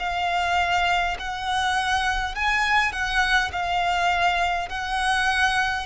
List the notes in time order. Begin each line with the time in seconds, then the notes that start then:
0.00 F5
1.19 F#5
2.35 G#5
2.93 F#5
3.53 F5
4.70 F#5